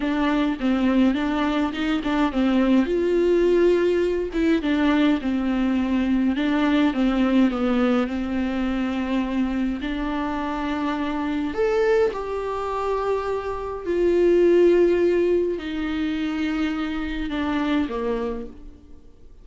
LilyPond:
\new Staff \with { instrumentName = "viola" } { \time 4/4 \tempo 4 = 104 d'4 c'4 d'4 dis'8 d'8 | c'4 f'2~ f'8 e'8 | d'4 c'2 d'4 | c'4 b4 c'2~ |
c'4 d'2. | a'4 g'2. | f'2. dis'4~ | dis'2 d'4 ais4 | }